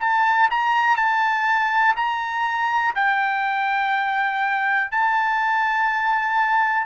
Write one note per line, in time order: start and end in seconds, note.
0.00 0.49 A5
0.50 0.97 A#5
0.97 1.95 A5
1.96 2.94 A#5
2.95 4.91 G5
4.91 6.86 A5